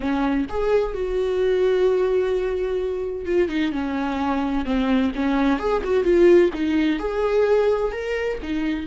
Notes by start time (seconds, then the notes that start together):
0.00 C#4
0.49 G#4
0.93 F#4
3.25 F4
3.49 D#4
3.72 C#4
4.65 C4
5.15 C#4
5.59 G#4
5.83 F#4
6.04 F4
6.53 D#4
6.99 G#4
7.92 A#4
8.42 D#4